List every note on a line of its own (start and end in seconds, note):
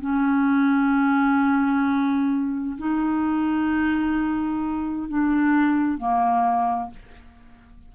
0.00 2.77 C#4
2.78 5.09 D#4
5.09 5.98 D4
5.98 6.90 A#3